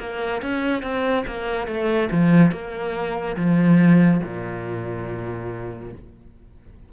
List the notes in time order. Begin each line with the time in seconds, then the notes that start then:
0.00 A#3
0.42 C#4
0.83 C4
1.27 A#3
1.67 A3
2.12 F3
2.52 A#3
3.36 F3
4.24 A#2